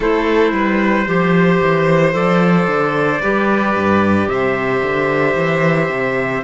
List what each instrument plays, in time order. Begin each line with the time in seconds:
0.00 cello A3, clarinet E4, violin A4, trumpet C5
0.52 cello G3, violin B4
1.06 cello F3, clarinet G4, violin C5
1.62 cello E3
2.12 cello F3, clarinet A4, trumpet D5
2.67 cello D3
3.21 cello G3, clarinet G4, violin B4
3.75 cello G2
4.27 cello C3, violin C5, trumpet E5
4.82 cello D3
5.35 cello E3
5.89 cello C3